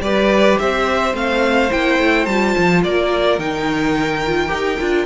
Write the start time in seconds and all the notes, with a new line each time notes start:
0.00 G3 G4 B4 D5
0.59 C4 C5 E5
1.13 A3 C4 F5
1.72 A#3 E4 G5
1.99 A3
2.26 G3 F4 A5
2.58 F3
2.84 A#3 A#4 D5
3.39 D#3 D#4 G5
4.27 F4
4.48 D#4 G4
4.79 D4 F4